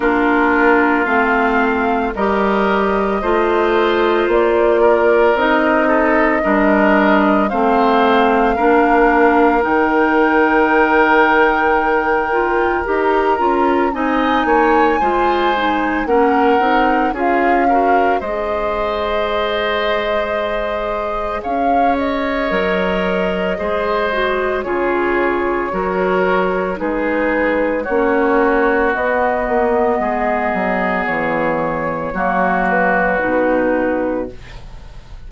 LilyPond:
<<
  \new Staff \with { instrumentName = "flute" } { \time 4/4 \tempo 4 = 56 ais'4 f''4 dis''2 | d''4 dis''2 f''4~ | f''4 g''2. | ais''4 gis''2 fis''4 |
f''4 dis''2. | f''8 dis''2~ dis''8 cis''4~ | cis''4 b'4 cis''4 dis''4~ | dis''4 cis''4. b'4. | }
  \new Staff \with { instrumentName = "oboe" } { \time 4/4 f'2 ais'4 c''4~ | c''8 ais'4 a'8 ais'4 c''4 | ais'1~ | ais'4 dis''8 cis''8 c''4 ais'4 |
gis'8 ais'8 c''2. | cis''2 c''4 gis'4 | ais'4 gis'4 fis'2 | gis'2 fis'2 | }
  \new Staff \with { instrumentName = "clarinet" } { \time 4/4 d'4 c'4 g'4 f'4~ | f'4 dis'4 d'4 c'4 | d'4 dis'2~ dis'8 f'8 | g'8 f'8 dis'4 f'8 dis'8 cis'8 dis'8 |
f'8 fis'8 gis'2.~ | gis'4 ais'4 gis'8 fis'8 f'4 | fis'4 dis'4 cis'4 b4~ | b2 ais4 dis'4 | }
  \new Staff \with { instrumentName = "bassoon" } { \time 4/4 ais4 a4 g4 a4 | ais4 c'4 g4 a4 | ais4 dis2. | dis'8 cis'8 c'8 ais8 gis4 ais8 c'8 |
cis'4 gis2. | cis'4 fis4 gis4 cis4 | fis4 gis4 ais4 b8 ais8 | gis8 fis8 e4 fis4 b,4 | }
>>